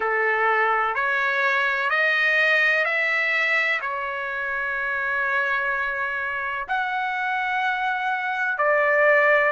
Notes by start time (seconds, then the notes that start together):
0.00 A4
0.94 C#5
1.90 D#5
2.84 E5
3.81 C#5
6.68 F#5
8.58 D5